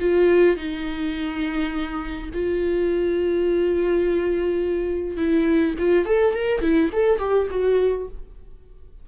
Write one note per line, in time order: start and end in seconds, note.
0.00 0.57 F4
0.57 2.30 D#4
2.34 5.17 F4
5.17 5.75 E4
5.79 6.06 F4
6.06 6.34 A4
6.34 6.62 A#4
6.62 6.90 E4
6.93 7.19 A4
7.19 7.48 G4
7.51 8.08 F#4